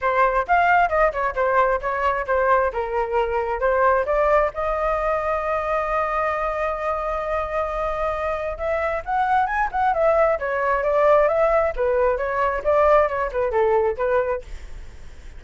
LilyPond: \new Staff \with { instrumentName = "flute" } { \time 4/4 \tempo 4 = 133 c''4 f''4 dis''8 cis''8 c''4 | cis''4 c''4 ais'2 | c''4 d''4 dis''2~ | dis''1~ |
dis''2. e''4 | fis''4 gis''8 fis''8 e''4 cis''4 | d''4 e''4 b'4 cis''4 | d''4 cis''8 b'8 a'4 b'4 | }